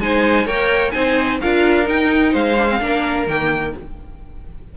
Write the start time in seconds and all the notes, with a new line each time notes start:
0.00 G#3 D#4 C5 G#5
0.46 A#3 A#4 C#5 G5
0.91 C4 D#4 C5 G#5
1.41 D4 F4 A#4 F5
1.85 D#4 G5
2.32 G#3 C5 F5
2.58 D4
2.68 C4
2.80 A#3 D4 A#4
3.27 D#3 A#3 G5